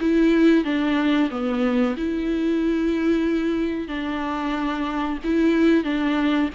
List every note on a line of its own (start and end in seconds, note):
0.00 0.64 E4
0.64 1.30 D4
1.30 1.95 B3
1.97 3.87 E4
3.87 5.18 D4
5.24 5.84 E4
5.84 6.49 D4